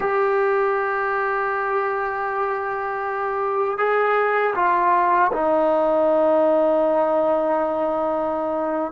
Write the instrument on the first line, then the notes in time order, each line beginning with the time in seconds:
trombone
0.00 G4
3.78 G#4
4.55 F4
5.32 D#4